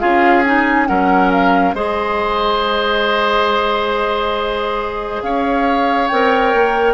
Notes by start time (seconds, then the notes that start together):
0.00 C#4 F4 G#4 F5
0.45 D#4 G#5
0.87 F#3 C#4 A#4 F#5
1.32 F5
1.74 G#3 G#4 C5 D#5
5.22 C#4 C#5 F5
6.08 C4 A#4 G5
6.54 A#3